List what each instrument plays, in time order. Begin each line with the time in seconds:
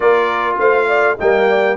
0.00 tuba A#3, trombone F4, horn A#4, trumpet D5
0.58 tuba A3, horn C5, trumpet F5
0.87 horn D5
1.18 tuba G3, trombone A#3, horn D#5, trumpet G5
1.49 horn D5